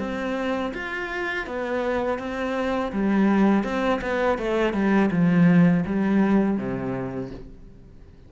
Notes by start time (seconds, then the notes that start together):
0.00 C4
0.74 F4
1.47 B3
2.19 C4
2.93 G3
3.64 C4
4.02 B3
4.39 A3
4.74 G3
5.12 F3
5.86 G3
6.58 C3